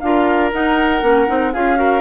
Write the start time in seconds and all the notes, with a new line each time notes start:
0.00 D4 F4 A#4 F5
0.52 D#4 F#5
1.02 A#3 C#4
1.27 C4 D#4
1.53 C#4 F4 G#4 F5
1.76 F#4 A#4